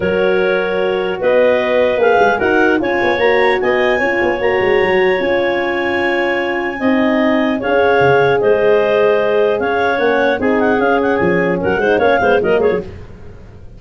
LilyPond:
<<
  \new Staff \with { instrumentName = "clarinet" } { \time 4/4 \tempo 4 = 150 cis''2. dis''4~ | dis''4 f''4 fis''4 gis''4 | ais''4 gis''2 ais''4~ | ais''4 gis''2.~ |
gis''2. f''4~ | f''4 dis''2. | f''4 fis''4 gis''8 fis''8 f''8 fis''8 | gis''4 fis''4 f''4 dis''8 cis''8 | }
  \new Staff \with { instrumentName = "clarinet" } { \time 4/4 ais'2. b'4~ | b'2 ais'4 cis''4~ | cis''4 dis''4 cis''2~ | cis''1~ |
cis''4 dis''2 cis''4~ | cis''4 c''2. | cis''2 gis'2~ | gis'4 ais'8 c''8 cis''8 c''8 ais'8 gis'8 | }
  \new Staff \with { instrumentName = "horn" } { \time 4/4 fis'1~ | fis'4 gis'4 fis'4 f'4 | fis'2 f'4 fis'4~ | fis'4 f'2.~ |
f'4 dis'2 gis'4~ | gis'1~ | gis'4 cis'4 dis'4 cis'4~ | cis'4. dis'8 cis'8 b8 ais4 | }
  \new Staff \with { instrumentName = "tuba" } { \time 4/4 fis2. b4~ | b4 ais8 gis8 dis'4 cis'8 b8 | ais4 b4 cis'8 b8 ais8 gis8 | fis4 cis'2.~ |
cis'4 c'2 cis'4 | cis4 gis2. | cis'4 ais4 c'4 cis'4 | f4 fis8 gis8 ais8 gis8 fis8 gis16 fis16 | }
>>